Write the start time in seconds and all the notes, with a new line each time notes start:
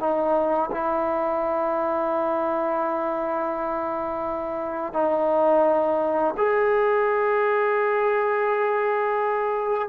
0.00 D#4
0.72 E4
4.94 D#4
6.38 G#4